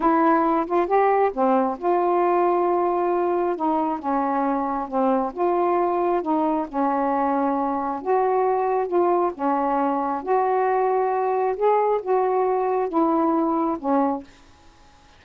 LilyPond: \new Staff \with { instrumentName = "saxophone" } { \time 4/4 \tempo 4 = 135 e'4. f'8 g'4 c'4 | f'1 | dis'4 cis'2 c'4 | f'2 dis'4 cis'4~ |
cis'2 fis'2 | f'4 cis'2 fis'4~ | fis'2 gis'4 fis'4~ | fis'4 e'2 cis'4 | }